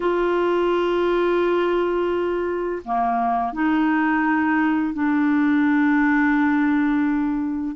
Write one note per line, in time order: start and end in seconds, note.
0.00 2.82 F4
2.84 3.52 A#3
3.52 4.93 D#4
4.93 7.76 D4